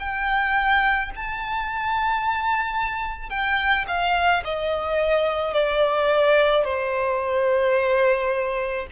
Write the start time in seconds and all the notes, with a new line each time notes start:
0.00 G5
1.16 A5
3.30 G5
3.88 F5
4.45 D#5
5.54 D5
6.65 C5